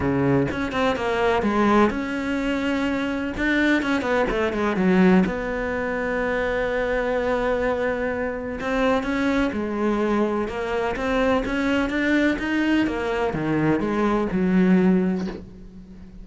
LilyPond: \new Staff \with { instrumentName = "cello" } { \time 4/4 \tempo 4 = 126 cis4 cis'8 c'8 ais4 gis4 | cis'2. d'4 | cis'8 b8 a8 gis8 fis4 b4~ | b1~ |
b2 c'4 cis'4 | gis2 ais4 c'4 | cis'4 d'4 dis'4 ais4 | dis4 gis4 fis2 | }